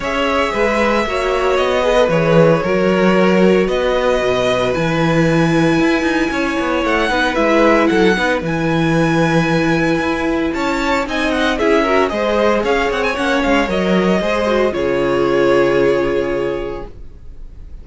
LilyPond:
<<
  \new Staff \with { instrumentName = "violin" } { \time 4/4 \tempo 4 = 114 e''2. dis''4 | cis''2. dis''4~ | dis''4 gis''2.~ | gis''4 fis''4 e''4 fis''4 |
gis''1 | a''4 gis''8 fis''8 e''4 dis''4 | f''8 fis''16 gis''16 fis''8 f''8 dis''2 | cis''1 | }
  \new Staff \with { instrumentName = "violin" } { \time 4/4 cis''4 b'4 cis''4. b'8~ | b'4 ais'2 b'4~ | b'1 | cis''4. b'4. a'8 b'8~ |
b'1 | cis''4 dis''4 gis'8 ais'8 c''4 | cis''2. c''4 | gis'1 | }
  \new Staff \with { instrumentName = "viola" } { \time 4/4 gis'2 fis'4. gis'16 a'16 | gis'4 fis'2.~ | fis'4 e'2.~ | e'4. dis'8 e'4. dis'8 |
e'1~ | e'4 dis'4 e'8 fis'8 gis'4~ | gis'4 cis'4 ais'4 gis'8 fis'8 | f'1 | }
  \new Staff \with { instrumentName = "cello" } { \time 4/4 cis'4 gis4 ais4 b4 | e4 fis2 b4 | b,4 e2 e'8 dis'8 | cis'8 b8 a8 b8 gis4 fis8 b8 |
e2. e'4 | cis'4 c'4 cis'4 gis4 | cis'8 c'8 ais8 gis8 fis4 gis4 | cis1 | }
>>